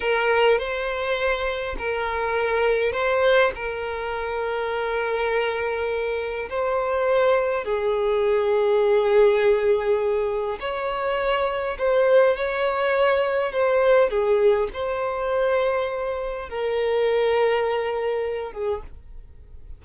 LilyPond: \new Staff \with { instrumentName = "violin" } { \time 4/4 \tempo 4 = 102 ais'4 c''2 ais'4~ | ais'4 c''4 ais'2~ | ais'2. c''4~ | c''4 gis'2.~ |
gis'2 cis''2 | c''4 cis''2 c''4 | gis'4 c''2. | ais'2.~ ais'8 gis'8 | }